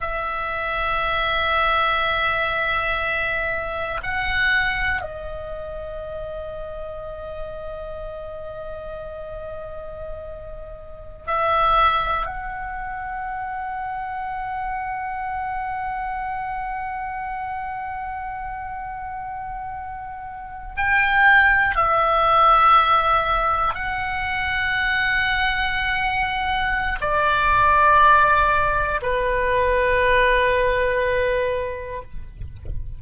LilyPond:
\new Staff \with { instrumentName = "oboe" } { \time 4/4 \tempo 4 = 60 e''1 | fis''4 dis''2.~ | dis''2.~ dis''16 e''8.~ | e''16 fis''2.~ fis''8.~ |
fis''1~ | fis''8. g''4 e''2 fis''16~ | fis''2. d''4~ | d''4 b'2. | }